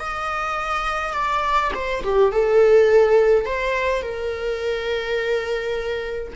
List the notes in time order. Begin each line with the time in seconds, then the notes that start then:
0.00 D#5
1.14 D5
1.75 C5
2.04 G4
2.32 A4
3.46 C5
4.02 A#4